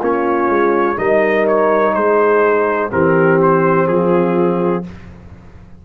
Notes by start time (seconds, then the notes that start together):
0.00 A#3 C#4 F4 C#5
0.49 G#3
0.97 G3 D#4 A#4 D#5
1.48 C#5
1.94 G#3 G#4 C5
2.90 E3 C4 G4 A#4
3.42 C5
3.87 F3 F4 G#4